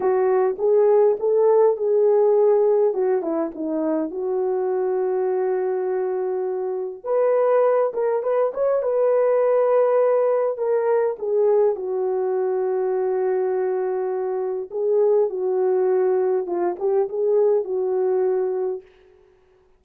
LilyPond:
\new Staff \with { instrumentName = "horn" } { \time 4/4 \tempo 4 = 102 fis'4 gis'4 a'4 gis'4~ | gis'4 fis'8 e'8 dis'4 fis'4~ | fis'1 | b'4. ais'8 b'8 cis''8 b'4~ |
b'2 ais'4 gis'4 | fis'1~ | fis'4 gis'4 fis'2 | f'8 g'8 gis'4 fis'2 | }